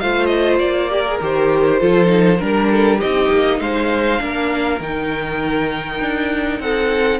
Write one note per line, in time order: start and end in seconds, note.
0.00 0.60 A3
0.00 0.90 F4
0.00 0.91 C5
0.00 0.26 F5
0.26 0.56 D#5
0.59 1.20 A#3
0.59 1.19 D5
0.90 1.05 G4
0.90 1.79 A#4
1.07 1.22 G#4
1.21 1.81 D#3
1.21 1.80 G4
1.21 2.42 C5
1.79 2.41 F3
1.79 2.06 F4
1.79 2.39 A4
2.06 2.36 D#4
2.39 3.02 G3
2.39 3.00 D4
2.39 2.69 A#4
2.39 3.00 A#4
2.71 2.98 A4
2.98 3.30 C4
2.98 4.18 D#4
2.98 3.58 G4
2.98 3.60 D#5
3.30 3.60 A#3
3.60 4.20 G#3
3.60 4.22 C5
3.60 4.80 F5
4.18 4.80 A#3
4.18 4.78 D4
4.18 6.62 A#4
4.80 6.00 D#3
4.80 7.19 D#4
4.80 6.60 G5
6.00 6.59 D4
6.59 7.19 C4
6.59 7.19 A4
6.59 7.19 F#5